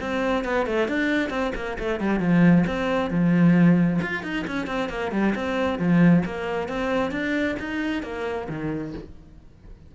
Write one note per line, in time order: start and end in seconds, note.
0.00 0.44 C4
0.44 0.66 B3
0.66 0.88 A3
0.88 1.29 D4
1.29 1.52 C4
1.55 1.77 A#3
1.78 2.00 A3
2.00 2.19 G3
2.19 2.64 F3
2.66 3.10 C4
3.10 4.00 F3
4.01 4.23 F4
4.23 4.45 D#4
4.47 4.66 C#4
4.66 4.89 C4
4.89 5.11 A#3
5.11 5.34 G3
5.35 5.78 C4
5.78 6.23 F3
6.25 6.68 A#3
6.68 7.11 C4
7.11 7.56 D4
7.59 8.03 D#4
8.03 8.47 A#3
8.49 8.93 D#3